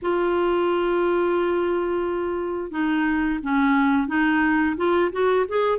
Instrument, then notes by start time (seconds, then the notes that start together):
clarinet
0.02 F4
2.71 D#4
3.42 C#4
4.07 D#4
4.77 F4
5.11 F#4
5.48 G#4